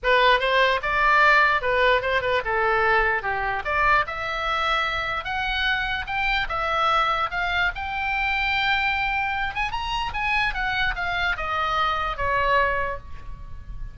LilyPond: \new Staff \with { instrumentName = "oboe" } { \time 4/4 \tempo 4 = 148 b'4 c''4 d''2 | b'4 c''8 b'8 a'2 | g'4 d''4 e''2~ | e''4 fis''2 g''4 |
e''2 f''4 g''4~ | g''2.~ g''8 gis''8 | ais''4 gis''4 fis''4 f''4 | dis''2 cis''2 | }